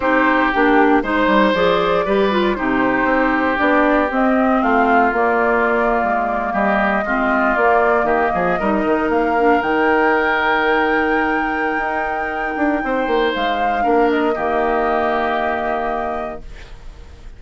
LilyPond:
<<
  \new Staff \with { instrumentName = "flute" } { \time 4/4 \tempo 4 = 117 c''4 g'4 c''4 d''4~ | d''4 c''2 d''4 | dis''4 f''4 d''2~ | d''8. dis''2 d''4 dis''16~ |
dis''4.~ dis''16 f''4 g''4~ g''16~ | g''1~ | g''2 f''4. dis''8~ | dis''1 | }
  \new Staff \with { instrumentName = "oboe" } { \time 4/4 g'2 c''2 | b'4 g'2.~ | g'4 f'2.~ | f'8. g'4 f'2 g'16~ |
g'16 gis'8 ais'2.~ ais'16~ | ais'1~ | ais'4 c''2 ais'4 | g'1 | }
  \new Staff \with { instrumentName = "clarinet" } { \time 4/4 dis'4 d'4 dis'4 gis'4 | g'8 f'8 dis'2 d'4 | c'2 ais2~ | ais4.~ ais16 c'4 ais4~ ais16~ |
ais8. dis'4. d'8 dis'4~ dis'16~ | dis'1~ | dis'2. d'4 | ais1 | }
  \new Staff \with { instrumentName = "bassoon" } { \time 4/4 c'4 ais4 gis8 g8 f4 | g4 c4 c'4 b4 | c'4 a4 ais4.~ ais16 gis16~ | gis8. g4 gis4 ais4 dis16~ |
dis16 f8 g8 dis8 ais4 dis4~ dis16~ | dis2. dis'4~ | dis'8 d'8 c'8 ais8 gis4 ais4 | dis1 | }
>>